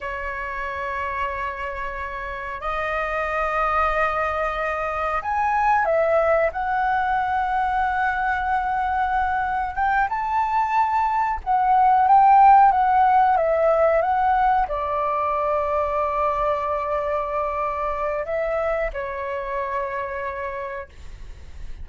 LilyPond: \new Staff \with { instrumentName = "flute" } { \time 4/4 \tempo 4 = 92 cis''1 | dis''1 | gis''4 e''4 fis''2~ | fis''2. g''8 a''8~ |
a''4. fis''4 g''4 fis''8~ | fis''8 e''4 fis''4 d''4.~ | d''1 | e''4 cis''2. | }